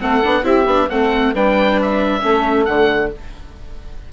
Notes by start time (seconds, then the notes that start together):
0.00 A3 C4 A4 F#5
0.23 B3 D4
0.42 C4 E4 G4 E5
0.66 B3 D4
0.90 A3 C4 A4 F#5
1.34 G3 D4 B4 G5
1.82 E5
2.21 A3 C#4 A4
2.65 D3 A3 F#5